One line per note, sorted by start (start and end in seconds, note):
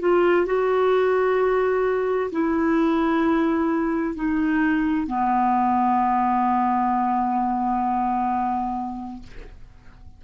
0.00 0.46 F4
0.46 2.31 F#4
2.32 4.15 E4
4.15 5.07 D#4
5.07 9.23 B3